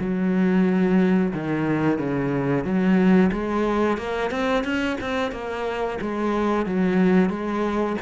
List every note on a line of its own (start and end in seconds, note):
0.00 1.33 F#3
1.34 1.99 D#3
1.99 2.65 C#3
2.65 3.31 F#3
3.32 3.98 G#3
3.98 4.31 A#3
4.31 4.64 C4
4.64 4.98 C#4
5.01 5.32 C4
5.32 5.99 A#3
6.02 6.66 G#3
6.66 7.30 F#3
7.30 7.97 G#3